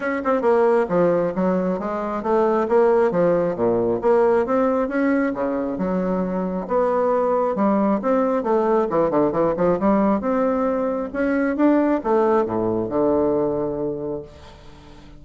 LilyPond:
\new Staff \with { instrumentName = "bassoon" } { \time 4/4 \tempo 4 = 135 cis'8 c'8 ais4 f4 fis4 | gis4 a4 ais4 f4 | ais,4 ais4 c'4 cis'4 | cis4 fis2 b4~ |
b4 g4 c'4 a4 | e8 d8 e8 f8 g4 c'4~ | c'4 cis'4 d'4 a4 | a,4 d2. | }